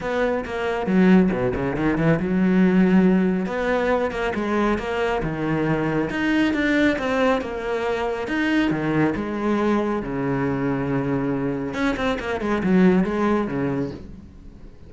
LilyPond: \new Staff \with { instrumentName = "cello" } { \time 4/4 \tempo 4 = 138 b4 ais4 fis4 b,8 cis8 | dis8 e8 fis2. | b4. ais8 gis4 ais4 | dis2 dis'4 d'4 |
c'4 ais2 dis'4 | dis4 gis2 cis4~ | cis2. cis'8 c'8 | ais8 gis8 fis4 gis4 cis4 | }